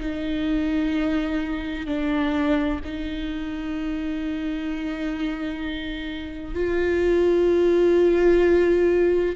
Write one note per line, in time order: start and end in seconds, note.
0.00 1.86 D#4
1.86 2.80 D4
2.84 6.55 D#4
6.55 9.36 F4